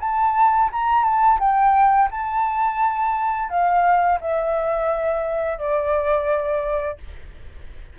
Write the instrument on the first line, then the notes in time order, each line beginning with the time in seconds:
flute
0.00 A5
0.72 A#5
1.04 A5
1.40 G5
2.11 A5
3.49 F5
4.21 E5
5.58 D5